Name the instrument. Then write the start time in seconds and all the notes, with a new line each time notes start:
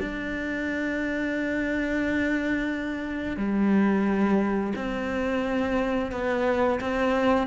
cello
0.00 D4
3.37 G3
4.75 C4
6.11 B3
6.80 C4